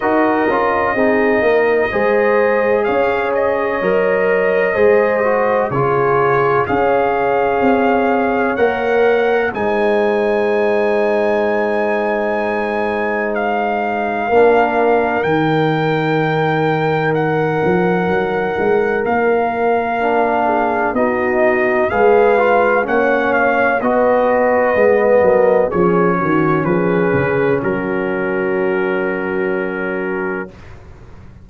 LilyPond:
<<
  \new Staff \with { instrumentName = "trumpet" } { \time 4/4 \tempo 4 = 63 dis''2. f''8 dis''8~ | dis''2 cis''4 f''4~ | f''4 fis''4 gis''2~ | gis''2 f''2 |
g''2 fis''2 | f''2 dis''4 f''4 | fis''8 f''8 dis''2 cis''4 | b'4 ais'2. | }
  \new Staff \with { instrumentName = "horn" } { \time 4/4 ais'4 gis'8 ais'8 c''4 cis''4~ | cis''4 c''4 gis'4 cis''4~ | cis''2 c''2~ | c''2. ais'4~ |
ais'1~ | ais'4. gis'8 fis'4 b'4 | cis''4 b'4. ais'8 gis'8 fis'8 | gis'4 fis'2. | }
  \new Staff \with { instrumentName = "trombone" } { \time 4/4 fis'8 f'8 dis'4 gis'2 | ais'4 gis'8 fis'8 f'4 gis'4~ | gis'4 ais'4 dis'2~ | dis'2. d'4 |
dis'1~ | dis'4 d'4 dis'4 gis'8 f'8 | cis'4 fis'4 b4 cis'4~ | cis'1 | }
  \new Staff \with { instrumentName = "tuba" } { \time 4/4 dis'8 cis'8 c'8 ais8 gis4 cis'4 | fis4 gis4 cis4 cis'4 | c'4 ais4 gis2~ | gis2. ais4 |
dis2~ dis8 f8 fis8 gis8 | ais2 b4 gis4 | ais4 b4 gis8 fis8 f8 dis8 | f8 cis8 fis2. | }
>>